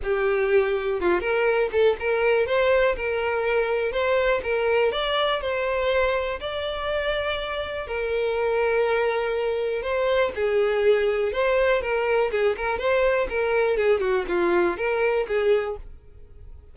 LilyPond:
\new Staff \with { instrumentName = "violin" } { \time 4/4 \tempo 4 = 122 g'2 f'8 ais'4 a'8 | ais'4 c''4 ais'2 | c''4 ais'4 d''4 c''4~ | c''4 d''2. |
ais'1 | c''4 gis'2 c''4 | ais'4 gis'8 ais'8 c''4 ais'4 | gis'8 fis'8 f'4 ais'4 gis'4 | }